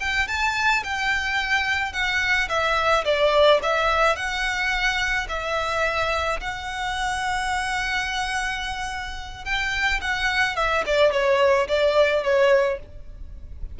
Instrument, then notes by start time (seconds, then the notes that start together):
violin
0.00 G5
0.27 A5
0.84 G5
1.93 F#5
2.48 E5
3.05 D5
3.63 E5
4.16 F#5
5.29 E5
6.40 F#5
9.45 G5
10.01 F#5
10.56 E5
10.86 D5
11.12 C#5
11.68 D5
12.23 C#5